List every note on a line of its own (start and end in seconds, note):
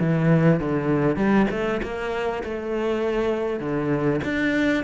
0.00 0.60 E3
0.60 1.16 D3
1.16 1.47 G3
1.51 1.81 A3
1.83 2.43 A#3
2.44 3.60 A3
3.60 4.21 D3
4.25 4.84 D4